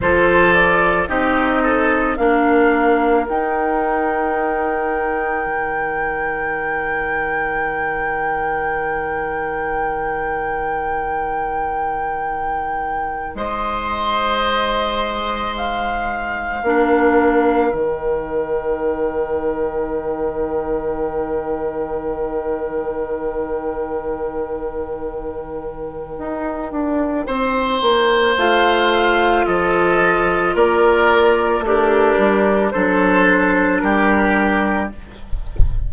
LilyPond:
<<
  \new Staff \with { instrumentName = "flute" } { \time 4/4 \tempo 4 = 55 c''8 d''8 dis''4 f''4 g''4~ | g''1~ | g''1~ | g''16 dis''2 f''4.~ f''16~ |
f''16 g''2.~ g''8.~ | g''1~ | g''2 f''4 dis''4 | d''4 ais'4 c''4 ais'4 | }
  \new Staff \with { instrumentName = "oboe" } { \time 4/4 a'4 g'8 a'8 ais'2~ | ais'1~ | ais'1~ | ais'16 c''2. ais'8.~ |
ais'1~ | ais'1~ | ais'4 c''2 a'4 | ais'4 d'4 a'4 g'4 | }
  \new Staff \with { instrumentName = "clarinet" } { \time 4/4 f'4 dis'4 d'4 dis'4~ | dis'1~ | dis'1~ | dis'2.~ dis'16 d'8.~ |
d'16 dis'2.~ dis'8.~ | dis'1~ | dis'2 f'2~ | f'4 g'4 d'2 | }
  \new Staff \with { instrumentName = "bassoon" } { \time 4/4 f4 c'4 ais4 dis'4~ | dis'4 dis2.~ | dis1~ | dis16 gis2. ais8.~ |
ais16 dis2.~ dis8.~ | dis1 | dis'8 d'8 c'8 ais8 a4 f4 | ais4 a8 g8 fis4 g4 | }
>>